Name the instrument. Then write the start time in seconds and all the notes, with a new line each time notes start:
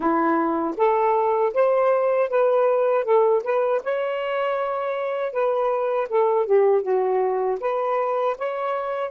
saxophone
0.00 E4
0.77 A4
1.53 C5
2.29 B4
3.04 A4
3.43 B4
3.83 C#5
5.32 B4
6.09 A4
6.46 G4
6.82 F#4
7.60 B4
8.38 C#5